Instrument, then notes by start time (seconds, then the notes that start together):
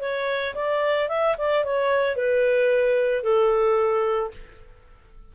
clarinet
0.00 C#5
0.55 D5
1.09 E5
1.37 D5
1.64 C#5
2.15 B4
3.23 A4